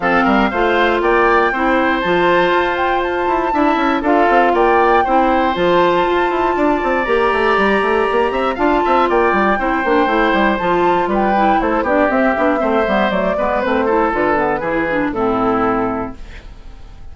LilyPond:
<<
  \new Staff \with { instrumentName = "flute" } { \time 4/4 \tempo 4 = 119 f''2 g''2 | a''4. g''8 a''2 | f''4 g''2 a''4~ | a''2 ais''2~ |
ais''4 a''4 g''2~ | g''4 a''4 g''4 c''8 d''8 | e''2 d''4 c''4 | b'2 a'2 | }
  \new Staff \with { instrumentName = "oboe" } { \time 4/4 a'8 ais'8 c''4 d''4 c''4~ | c''2. e''4 | a'4 d''4 c''2~ | c''4 d''2.~ |
d''8 e''8 f''8 e''8 d''4 c''4~ | c''2 b'4 a'8 g'8~ | g'4 c''4. b'4 a'8~ | a'4 gis'4 e'2 | }
  \new Staff \with { instrumentName = "clarinet" } { \time 4/4 c'4 f'2 e'4 | f'2. e'4 | f'2 e'4 f'4~ | f'2 g'2~ |
g'4 f'2 e'8 d'8 | e'4 f'4. e'4 d'8 | c'8 d'8 c'8 b8 a8 b8 c'8 e'8 | f'8 b8 e'8 d'8 c'2 | }
  \new Staff \with { instrumentName = "bassoon" } { \time 4/4 f8 g8 a4 ais4 c'4 | f4 f'4. e'8 d'8 cis'8 | d'8 c'8 ais4 c'4 f4 | f'8 e'8 d'8 c'8 ais8 a8 g8 a8 |
ais8 c'8 d'8 c'8 ais8 g8 c'8 ais8 | a8 g8 f4 g4 a8 b8 | c'8 b8 a8 g8 fis8 gis8 a4 | d4 e4 a,2 | }
>>